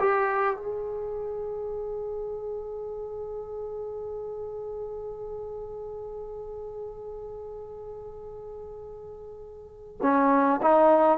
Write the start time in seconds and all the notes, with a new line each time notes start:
0.00 G4
0.56 G#4
10.02 C#4
10.62 D#4